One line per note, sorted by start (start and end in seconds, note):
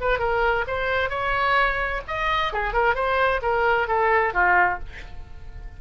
0.00 0.19 B4
0.19 0.64 A#4
0.67 1.09 C5
1.09 2.01 C#5
2.07 2.52 D#5
2.52 2.73 G#4
2.73 2.95 A#4
2.95 3.40 C5
3.42 3.87 A#4
3.87 4.33 A4
4.33 4.79 F4